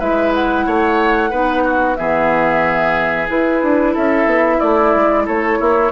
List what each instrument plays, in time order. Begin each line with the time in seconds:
0.00 bassoon G#3, clarinet E4, oboe B4, flute E5
0.35 flute F#5
0.66 bassoon A3, oboe C#5
1.30 bassoon B3, clarinet D#4, oboe B4
1.64 oboe F#4
1.95 bassoon E3, clarinet B3, oboe G#4, flute E5
3.28 clarinet E4, bassoon E4, flute B4
3.62 bassoon D4
3.94 bassoon C#4, oboe A4, flute E5
4.26 bassoon B3
4.57 bassoon A3, oboe E4, flute D5
4.96 bassoon G#3
5.26 bassoon A3, oboe A4, flute C#5
5.60 bassoon A#3, oboe E4